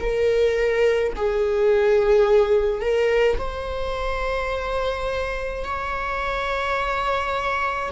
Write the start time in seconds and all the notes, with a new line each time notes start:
0.00 A#4
1.16 G#4
2.81 A#4
3.39 C5
5.64 C#5